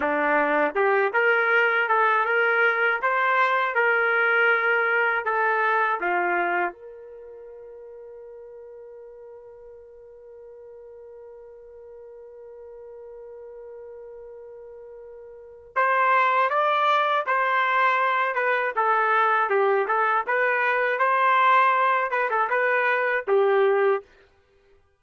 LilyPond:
\new Staff \with { instrumentName = "trumpet" } { \time 4/4 \tempo 4 = 80 d'4 g'8 ais'4 a'8 ais'4 | c''4 ais'2 a'4 | f'4 ais'2.~ | ais'1~ |
ais'1~ | ais'4 c''4 d''4 c''4~ | c''8 b'8 a'4 g'8 a'8 b'4 | c''4. b'16 a'16 b'4 g'4 | }